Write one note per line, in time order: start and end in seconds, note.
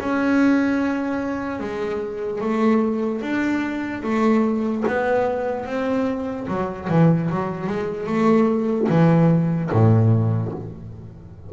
0.00 1.60 C#4
1.60 2.41 G#3
2.41 3.22 A3
3.22 4.03 D4
4.03 4.84 A3
4.88 5.66 B3
5.66 6.47 C4
6.48 6.88 F#3
6.90 7.30 E3
7.30 7.67 F#3
7.67 8.07 G#3
8.07 8.88 A3
8.89 9.70 E3
9.71 10.53 A2